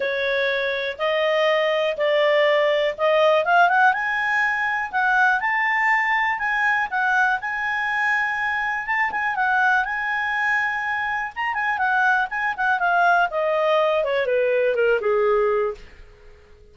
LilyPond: \new Staff \with { instrumentName = "clarinet" } { \time 4/4 \tempo 4 = 122 cis''2 dis''2 | d''2 dis''4 f''8 fis''8 | gis''2 fis''4 a''4~ | a''4 gis''4 fis''4 gis''4~ |
gis''2 a''8 gis''8 fis''4 | gis''2. ais''8 gis''8 | fis''4 gis''8 fis''8 f''4 dis''4~ | dis''8 cis''8 b'4 ais'8 gis'4. | }